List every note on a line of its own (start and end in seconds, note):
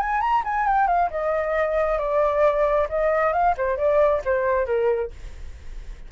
0.00 0.21 G#5
0.21 0.43 A#5
0.44 0.67 G#5
0.67 0.87 G5
0.87 1.09 F5
1.10 1.99 D#5
1.99 2.87 D5
2.89 3.33 D#5
3.33 3.55 F5
3.57 3.77 C5
3.77 4.22 D5
4.25 4.66 C5
4.66 5.11 A#4